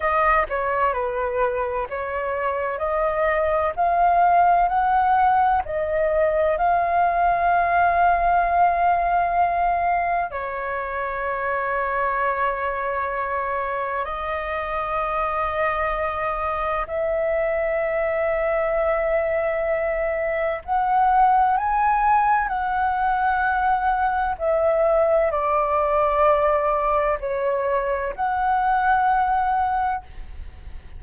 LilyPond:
\new Staff \with { instrumentName = "flute" } { \time 4/4 \tempo 4 = 64 dis''8 cis''8 b'4 cis''4 dis''4 | f''4 fis''4 dis''4 f''4~ | f''2. cis''4~ | cis''2. dis''4~ |
dis''2 e''2~ | e''2 fis''4 gis''4 | fis''2 e''4 d''4~ | d''4 cis''4 fis''2 | }